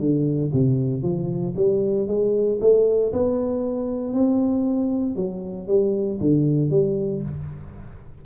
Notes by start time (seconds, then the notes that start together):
0.00 D3
0.53 C3
1.03 F3
1.57 G3
2.08 G#3
2.61 A3
3.13 B3
4.14 C4
5.16 F#3
5.68 G3
6.21 D3
6.71 G3